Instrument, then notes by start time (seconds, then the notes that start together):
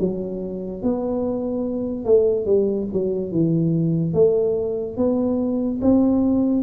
tuba
0.00 F#3
0.83 B3
2.06 A3
2.46 G3
2.93 F#3
3.32 E3
4.14 A3
4.97 B3
5.82 C4